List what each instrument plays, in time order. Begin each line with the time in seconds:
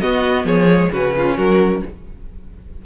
0.00 viola B3, cello B3, violin F#4 D#5
0.44 cello F3, violin G#4 C#5
0.69 viola G#3
0.91 cello C#3, viola C#4, violin F#4 B4
1.17 violin F4
1.37 cello F#3, violin F#4 A#4